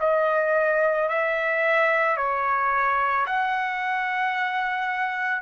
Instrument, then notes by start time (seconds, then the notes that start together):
trumpet
0.00 D#5
1.09 E5
2.17 C#5
3.26 F#5